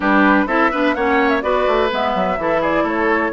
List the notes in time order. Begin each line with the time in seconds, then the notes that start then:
0.00 G3 D4 G4 B4
0.46 C4 E4 A4 E5
0.71 B3 D4 B4
0.94 A#3 C#4 C#5 F#5
1.29 E5
1.41 B3 F#4 B4 D5
1.67 A3
1.91 G#3 B3 E5
2.14 F#3
2.37 E3 E4 A4
2.61 G#4 D5
2.83 A3 A4 C#5